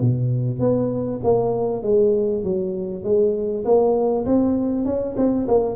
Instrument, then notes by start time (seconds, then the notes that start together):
tuba
0.00 B2
0.60 B3
1.23 A#3
1.83 G#3
2.44 F#3
3.04 G#3
3.65 A#3
4.26 C4
4.85 C#4
5.17 C4
5.48 A#3